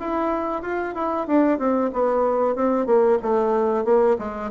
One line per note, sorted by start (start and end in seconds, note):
0.00 0.62 E4
0.62 0.95 F4
0.95 1.27 E4
1.27 1.59 D4
1.59 1.91 C4
1.93 2.55 B3
2.55 2.86 C4
2.86 3.18 A#3
3.23 3.84 A3
3.84 4.17 A#3
4.18 4.51 G#3